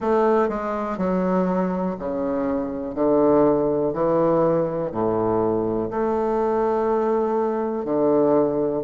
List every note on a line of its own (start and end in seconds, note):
0.00 0.48 A3
0.48 0.97 G#3
0.97 1.96 F#3
1.99 2.94 C#3
2.94 3.93 D3
3.93 4.91 E3
4.91 5.90 A2
5.90 7.84 A3
7.84 8.83 D3